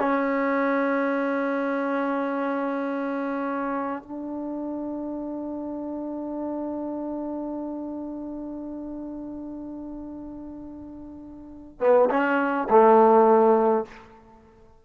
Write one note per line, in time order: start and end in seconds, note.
0.00 4.03 C#4
4.03 11.81 D4
11.81 12.10 B3
12.11 12.68 C#4
12.70 13.85 A3